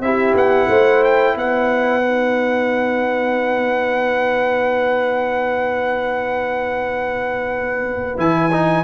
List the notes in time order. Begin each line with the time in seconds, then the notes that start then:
0.00 C4 E4 G4 E5
0.34 B3 F#5
0.68 A3 C5
1.04 G5
1.35 B3 B4 F#5
2.03 D#4
8.17 E3 E4 G#5
8.52 D#4